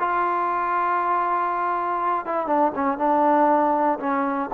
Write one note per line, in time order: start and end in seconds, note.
0.00 2.26 F4
2.26 2.47 E4
2.47 2.72 D4
2.75 2.98 C#4
2.98 3.99 D4
4.00 4.51 C#4